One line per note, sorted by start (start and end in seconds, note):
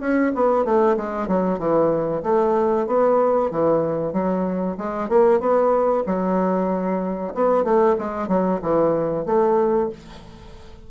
0.00 0.32 C#4
0.35 0.64 B3
0.64 0.96 A3
0.97 1.27 G#3
1.27 1.58 F#3
1.58 2.22 E3
2.23 2.87 A3
2.87 3.50 B3
3.50 4.13 E3
4.13 4.77 F#3
4.77 5.09 G#3
5.09 5.40 A#3
5.40 6.03 B3
6.06 7.34 F#3
7.34 7.64 B3
7.64 7.96 A3
7.98 8.28 G#3
8.28 8.60 F#3
8.62 9.26 E3
9.26 9.89 A3